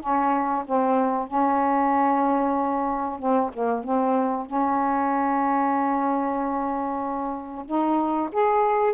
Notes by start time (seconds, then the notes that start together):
0.00 C#4
0.66 C4
1.27 C#4
3.19 C4
3.53 A#3
3.84 C4
4.46 C#4
7.66 D#4
8.32 G#4